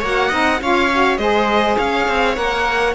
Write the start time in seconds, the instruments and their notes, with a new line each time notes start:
0.00 cello A#3, saxophone F#4, viola C#5, violin F#5
0.29 cello C4, saxophone D#4, viola D#5
0.61 cello C#4, saxophone F4, viola C#5, violin F5
0.92 saxophone F#4
1.18 cello G#3, saxophone G#4, viola C5, violin D#5
1.78 cello C#4, viola C#5, violin F5
2.08 cello C4
2.35 cello A#3, saxophone A#4, violin F#5